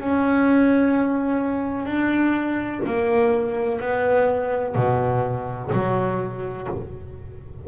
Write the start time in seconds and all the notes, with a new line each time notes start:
0.00 C#4
1.86 D4
2.86 A#3
3.81 B3
4.76 B2
5.73 F#3